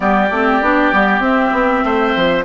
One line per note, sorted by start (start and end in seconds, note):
0.00 0.30 G3
0.00 0.28 B3
0.00 1.84 G4
0.00 1.22 D5
0.30 0.61 A3
0.30 0.62 C4
0.61 0.92 B3
0.61 0.92 D4
0.92 1.19 G3
0.92 1.21 B3
1.19 1.50 C4
1.19 2.44 C4
1.19 2.44 E5
1.52 1.82 B3
1.84 2.14 A3
1.84 2.44 C5
2.15 2.44 F3